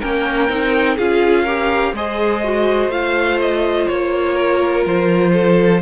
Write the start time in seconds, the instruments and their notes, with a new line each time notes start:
0.00 cello A#3, viola C#4, violin A#4 G5
0.49 cello C4, viola D#4
0.97 cello C#4, viola F4, violin G#4 F5
1.44 viola G4, violin A#4
1.93 cello G#3, viola G#4, violin C5 D#5
2.44 viola F#4
2.89 cello A3, viola F4, violin F5
3.41 violin D#5
3.87 cello A#3, violin C#5
4.34 violin A#4
4.86 cello F3, violin C5
5.33 violin A4